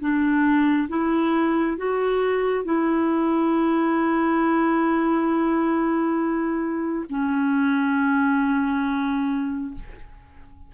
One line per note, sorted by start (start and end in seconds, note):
0.00 0.88 D4
0.88 1.76 E4
1.77 2.64 F#4
2.64 7.05 E4
7.09 9.74 C#4